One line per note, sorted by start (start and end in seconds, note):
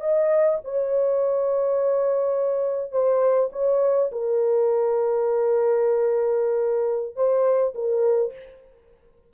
0.00 0.58 D#5
0.64 2.92 C#5
2.92 3.50 C5
3.52 4.10 C#5
4.11 7.15 A#4
7.15 7.74 C5
7.74 8.32 A#4